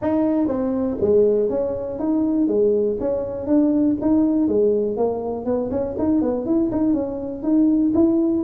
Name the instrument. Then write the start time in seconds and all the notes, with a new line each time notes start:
tuba
0.01 D#4
0.47 C4
1.01 G#3
1.49 C#4
1.99 D#4
2.47 G#3
3.00 C#4
3.46 D4
4.01 D#4
4.48 G#3
4.97 A#3
5.45 B3
5.70 C#4
5.98 D#4
6.21 B3
6.45 E4
6.71 D#4
6.93 C#4
7.42 D#4
7.94 E4